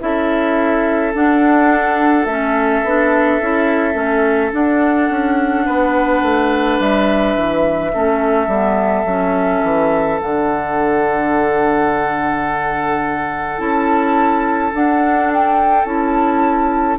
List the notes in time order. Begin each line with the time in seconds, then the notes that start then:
0.00 C#4 E4 A4 E5
1.14 D4 F#5
2.26 A3 C#4 E5
2.84 B3 D4
3.41 C#4 E4
3.94 A3 C#4
4.53 D4 F#5
5.10 C#4
5.66 B3 B4
6.23 A3
6.80 G3 E5
7.36 E3
7.93 A3 C#4 A4
8.48 G3 B3
9.05 F#3 C#4
9.63 E3
10.21 D3 D4 F#5
13.58 C#4 E4 A5
14.73 D4 F#5
15.33 G5
15.85 C#4 E4 A5